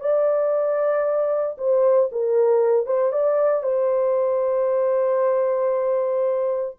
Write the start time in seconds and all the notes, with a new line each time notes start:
0.00 D5
1.58 C5
2.12 A#4
2.86 C5
3.12 D5
3.63 C5